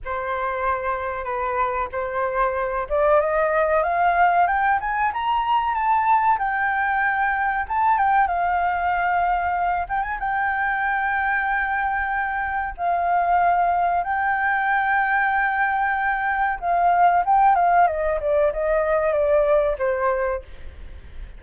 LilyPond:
\new Staff \with { instrumentName = "flute" } { \time 4/4 \tempo 4 = 94 c''2 b'4 c''4~ | c''8 d''8 dis''4 f''4 g''8 gis''8 | ais''4 a''4 g''2 | a''8 g''8 f''2~ f''8 g''16 gis''16 |
g''1 | f''2 g''2~ | g''2 f''4 g''8 f''8 | dis''8 d''8 dis''4 d''4 c''4 | }